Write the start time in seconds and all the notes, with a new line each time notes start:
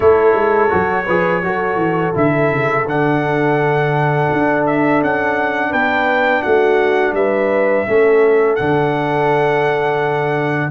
0.00 A3 E4 A4 C#5
0.34 G#3
0.69 F#3 F#4
1.05 F3 G#4 B4
1.43 F#3 F#4 A4
1.76 E3
2.14 D3 E4 E5
2.51 C#3
2.86 D3 D4 F#5
4.32 D4
4.66 E5
5.01 C#4 F#5
5.69 B3 B4 G5
6.42 A3 F#4 F#5
7.12 G3 B4 E5
7.87 A3 C#4 A4
8.55 D3 D4 F#5